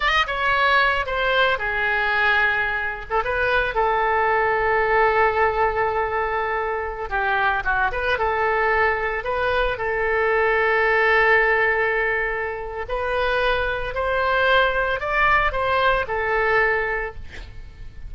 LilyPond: \new Staff \with { instrumentName = "oboe" } { \time 4/4 \tempo 4 = 112 dis''8 cis''4. c''4 gis'4~ | gis'4.~ gis'16 a'16 b'4 a'4~ | a'1~ | a'4~ a'16 g'4 fis'8 b'8 a'8.~ |
a'4~ a'16 b'4 a'4.~ a'16~ | a'1 | b'2 c''2 | d''4 c''4 a'2 | }